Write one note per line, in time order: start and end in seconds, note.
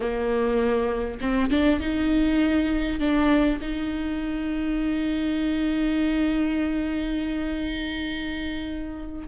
0.00 1.19 A#3
1.21 1.50 C4
1.50 1.79 D4
1.79 2.99 D#4
2.99 3.59 D4
3.61 9.28 D#4